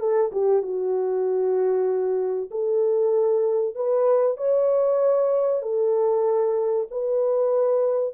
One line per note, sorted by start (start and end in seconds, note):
0.00 0.31 A4
0.33 0.63 G4
0.63 2.51 F#4
2.51 3.76 A4
3.76 4.38 B4
4.38 5.62 C#5
5.62 6.88 A4
6.91 8.14 B4